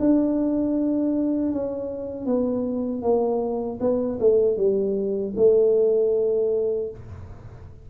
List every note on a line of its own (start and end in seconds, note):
0.00 1.52 D4
1.52 2.26 C#4
2.26 3.02 B3
3.02 3.79 A#3
3.80 4.19 B3
4.20 4.57 A3
4.57 5.34 G3
5.36 6.90 A3